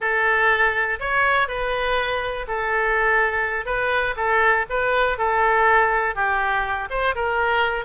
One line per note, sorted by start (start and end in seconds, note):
0.00 0.99 A4
0.99 1.48 C#5
1.48 2.46 B4
2.47 3.65 A4
3.65 4.14 B4
4.16 4.65 A4
4.69 5.18 B4
5.18 6.15 A4
6.15 6.89 G4
6.90 7.14 C5
7.15 7.85 A#4